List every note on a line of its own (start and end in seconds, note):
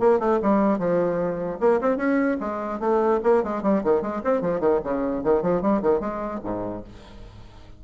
0.00 0.19 A#3
0.19 0.39 A3
0.42 0.79 G3
0.79 1.59 F3
1.60 1.80 A#3
1.81 1.97 C4
1.97 2.37 C#4
2.40 2.80 G#3
2.80 3.20 A3
3.23 3.44 A#3
3.44 3.63 G#3
3.63 3.83 G3
3.84 4.02 D#3
4.02 4.22 G#3
4.24 4.41 C4
4.41 4.60 F3
4.60 4.80 D#3
4.84 5.24 C#3
5.24 5.42 D#3
5.42 5.62 F3
5.62 5.82 G3
5.82 6.00 D#3
6.00 6.40 G#3
6.44 6.84 G#2